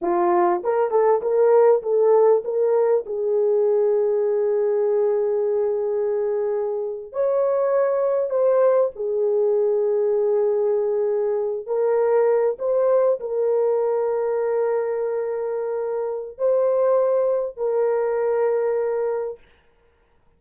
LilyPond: \new Staff \with { instrumentName = "horn" } { \time 4/4 \tempo 4 = 99 f'4 ais'8 a'8 ais'4 a'4 | ais'4 gis'2.~ | gis'2.~ gis'8. cis''16~ | cis''4.~ cis''16 c''4 gis'4~ gis'16~ |
gis'2.~ gis'16 ais'8.~ | ais'8. c''4 ais'2~ ais'16~ | ais'2. c''4~ | c''4 ais'2. | }